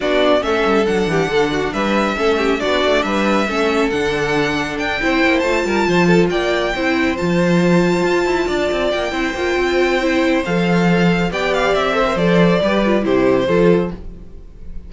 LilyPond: <<
  \new Staff \with { instrumentName = "violin" } { \time 4/4 \tempo 4 = 138 d''4 e''4 fis''2 | e''2 d''4 e''4~ | e''4 fis''2 g''4~ | g''8 a''2 g''4.~ |
g''8 a''2.~ a''8~ | a''8 g''2.~ g''8 | f''2 g''8 f''8 e''4 | d''2 c''2 | }
  \new Staff \with { instrumentName = "violin" } { \time 4/4 fis'4 a'4. g'8 a'8 fis'8 | b'4 a'8 g'8 fis'4 b'4 | a'2.~ a'8 c''8~ | c''4 ais'8 c''8 a'8 d''4 c''8~ |
c''2.~ c''8 d''8~ | d''4 c''2.~ | c''2 d''4. c''8~ | c''4 b'4 g'4 a'4 | }
  \new Staff \with { instrumentName = "viola" } { \time 4/4 d'4 cis'4 d'2~ | d'4 cis'4 d'2 | cis'4 d'2~ d'8 e'8~ | e'8 f'2. e'8~ |
e'8 f'2.~ f'8~ | f'4 e'8 f'4. e'4 | a'2 g'4. a'16 ais'16 | a'4 g'8 f'8 e'4 f'4 | }
  \new Staff \with { instrumentName = "cello" } { \time 4/4 b4 a8 g8 fis8 e8 d4 | g4 a4 b8 a8 g4 | a4 d2 d'8 c'8 | ais8 a8 g8 f4 ais4 c'8~ |
c'8 f2 f'8 e'8 d'8 | c'8 ais8 c'8 ais8 c'2 | f2 b4 c'4 | f4 g4 c4 f4 | }
>>